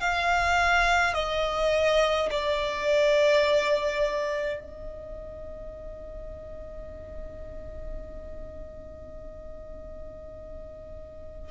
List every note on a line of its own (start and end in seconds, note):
0.00 1.14 F5
1.14 2.29 D#5
2.31 4.60 D5
4.60 11.51 D#5